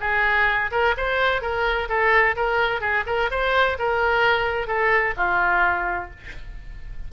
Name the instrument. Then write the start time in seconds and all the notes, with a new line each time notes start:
oboe
0.00 G#4
0.71 A#4
0.97 C5
1.41 A#4
1.88 A4
2.36 A#4
2.80 G#4
3.06 A#4
3.30 C5
3.79 A#4
4.67 A4
5.16 F4